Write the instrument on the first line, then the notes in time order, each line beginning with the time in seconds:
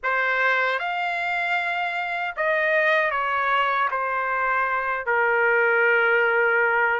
trumpet
0.03 C5
0.79 F5
2.36 D#5
3.11 C#5
3.91 C5
5.05 A#4